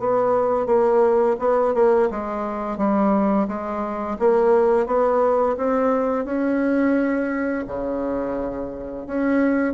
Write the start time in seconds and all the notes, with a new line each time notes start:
0.00 B3
0.67 A#3
1.40 B3
1.75 A#3
2.11 G#3
2.78 G3
3.48 G#3
4.20 A#3
4.87 B3
5.58 C4
6.25 C#4
7.67 C#3
9.07 C#4